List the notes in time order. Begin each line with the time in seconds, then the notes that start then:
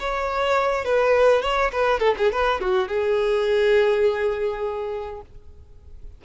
0.00 C#5
0.85 B4
1.42 C#5
1.72 B4
2.00 A4
2.18 G#4
2.32 B4
2.61 F#4
2.88 G#4